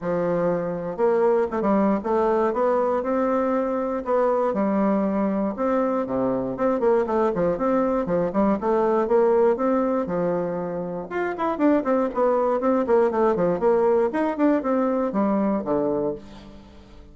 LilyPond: \new Staff \with { instrumentName = "bassoon" } { \time 4/4 \tempo 4 = 119 f2 ais4 a16 g8. | a4 b4 c'2 | b4 g2 c'4 | c4 c'8 ais8 a8 f8 c'4 |
f8 g8 a4 ais4 c'4 | f2 f'8 e'8 d'8 c'8 | b4 c'8 ais8 a8 f8 ais4 | dis'8 d'8 c'4 g4 d4 | }